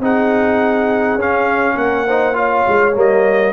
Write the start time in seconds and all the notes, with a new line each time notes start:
0.00 C4 D#4 G#4 F#5
1.16 C#4 F5
1.75 A#3 A#4 F#5
2.07 D#4 C5
2.34 F4 C#5 F5
2.68 G#3
2.95 G3 A#3 D#5